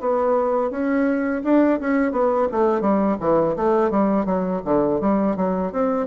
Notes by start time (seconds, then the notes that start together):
0.00 B3
0.70 C#4
1.44 D4
1.80 C#4
2.11 B3
2.51 A3
2.81 G3
3.20 E3
3.56 A3
3.90 G3
4.25 F#3
4.64 D3
5.00 G3
5.36 F#3
5.72 C4